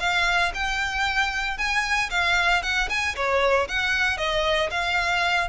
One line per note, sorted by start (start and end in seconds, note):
0.00 0.52 F5
0.54 1.58 G5
1.58 2.10 G#5
2.10 2.63 F5
2.63 2.89 F#5
2.89 3.15 G#5
3.16 3.68 C#5
3.68 4.17 F#5
4.17 4.70 D#5
4.71 5.49 F5